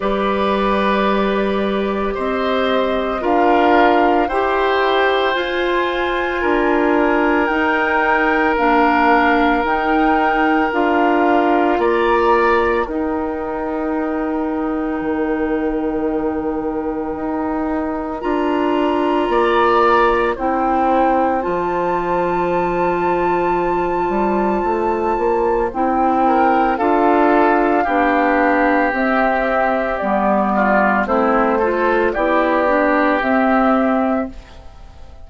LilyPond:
<<
  \new Staff \with { instrumentName = "flute" } { \time 4/4 \tempo 4 = 56 d''2 dis''4 f''4 | g''4 gis''2 g''4 | f''4 g''4 f''4 ais''4 | g''1~ |
g''4 ais''2 g''4 | a''1 | g''4 f''2 e''4 | d''4 c''4 d''4 e''4 | }
  \new Staff \with { instrumentName = "oboe" } { \time 4/4 b'2 c''4 ais'4 | c''2 ais'2~ | ais'2. d''4 | ais'1~ |
ais'2 d''4 c''4~ | c''1~ | c''8 ais'8 a'4 g'2~ | g'8 f'8 e'8 a'8 g'2 | }
  \new Staff \with { instrumentName = "clarinet" } { \time 4/4 g'2. f'4 | g'4 f'2 dis'4 | d'4 dis'4 f'2 | dis'1~ |
dis'4 f'2 e'4 | f'1 | e'4 f'4 d'4 c'4 | b4 c'8 f'8 e'8 d'8 c'4 | }
  \new Staff \with { instrumentName = "bassoon" } { \time 4/4 g2 c'4 d'4 | e'4 f'4 d'4 dis'4 | ais4 dis'4 d'4 ais4 | dis'2 dis2 |
dis'4 d'4 ais4 c'4 | f2~ f8 g8 a8 ais8 | c'4 d'4 b4 c'4 | g4 a4 b4 c'4 | }
>>